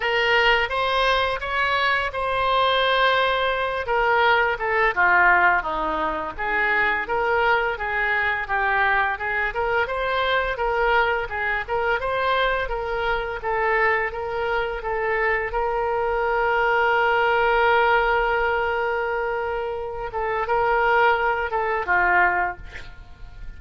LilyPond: \new Staff \with { instrumentName = "oboe" } { \time 4/4 \tempo 4 = 85 ais'4 c''4 cis''4 c''4~ | c''4. ais'4 a'8 f'4 | dis'4 gis'4 ais'4 gis'4 | g'4 gis'8 ais'8 c''4 ais'4 |
gis'8 ais'8 c''4 ais'4 a'4 | ais'4 a'4 ais'2~ | ais'1~ | ais'8 a'8 ais'4. a'8 f'4 | }